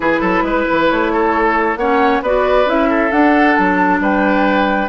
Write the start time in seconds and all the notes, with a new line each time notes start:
0.00 E3 E4 G#4 B4
0.20 F#3 A4
0.42 G#3 B4
0.71 E3
0.88 A3 C#5
1.12 A4
1.76 A#3 C#4 C#5 F#5
2.21 B3 F#4 B4 D5
2.66 C#4 E4 E5
2.89 A4
3.11 D4 F#5
3.56 F#3 A5
4.00 G3 B4 G5